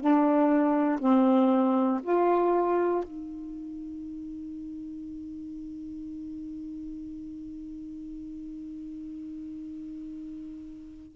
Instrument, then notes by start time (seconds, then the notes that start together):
saxophone
0.00 D4
0.99 C4
2.02 F4
3.03 D#4